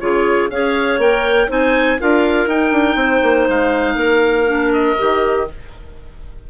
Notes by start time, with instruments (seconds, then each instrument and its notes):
0.00 bassoon C#3, clarinet F4 G#4, oboe C#5
0.51 bassoon C#4, clarinet G#4 C#5, oboe F5
0.99 bassoon A#3, clarinet A#4, oboe G5
1.49 bassoon C4, clarinet D#4 C5, oboe G#5
2.00 bassoon D4, clarinet F4 A#4, oboe F5
2.47 bassoon D#4, clarinet D#4, oboe G5
2.72 bassoon D4
2.96 bassoon C4, clarinet C5
3.23 bassoon A#3
3.48 bassoon G#3, oboe F5
3.96 bassoon A#3, clarinet A#4
4.47 clarinet D4
4.73 oboe D#5
4.98 bassoon D#3, clarinet G4